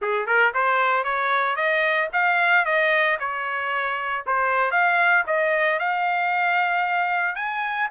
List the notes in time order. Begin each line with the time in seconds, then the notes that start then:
0.01 G#4
0.26 A#4
0.54 C5
1.04 C#5
1.56 D#5
2.12 F5
2.65 D#5
3.19 C#5
4.26 C5
4.71 F5
5.26 D#5
5.79 F5
7.35 G#5